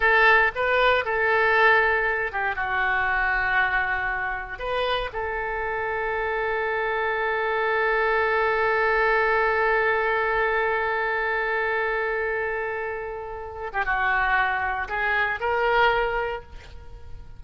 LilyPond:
\new Staff \with { instrumentName = "oboe" } { \time 4/4 \tempo 4 = 117 a'4 b'4 a'2~ | a'8 g'8 fis'2.~ | fis'4 b'4 a'2~ | a'1~ |
a'1~ | a'1~ | a'2~ a'8. g'16 fis'4~ | fis'4 gis'4 ais'2 | }